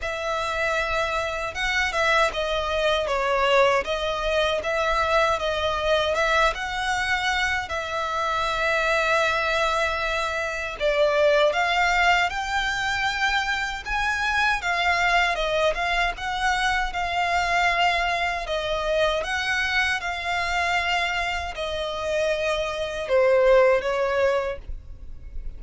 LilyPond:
\new Staff \with { instrumentName = "violin" } { \time 4/4 \tempo 4 = 78 e''2 fis''8 e''8 dis''4 | cis''4 dis''4 e''4 dis''4 | e''8 fis''4. e''2~ | e''2 d''4 f''4 |
g''2 gis''4 f''4 | dis''8 f''8 fis''4 f''2 | dis''4 fis''4 f''2 | dis''2 c''4 cis''4 | }